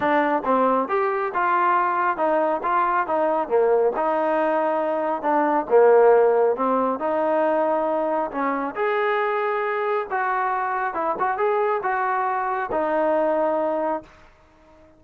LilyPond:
\new Staff \with { instrumentName = "trombone" } { \time 4/4 \tempo 4 = 137 d'4 c'4 g'4 f'4~ | f'4 dis'4 f'4 dis'4 | ais4 dis'2. | d'4 ais2 c'4 |
dis'2. cis'4 | gis'2. fis'4~ | fis'4 e'8 fis'8 gis'4 fis'4~ | fis'4 dis'2. | }